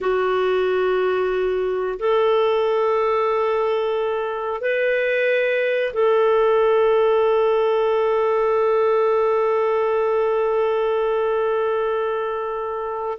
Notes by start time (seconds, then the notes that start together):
0.01 F#4
1.99 A4
4.60 B4
5.93 A4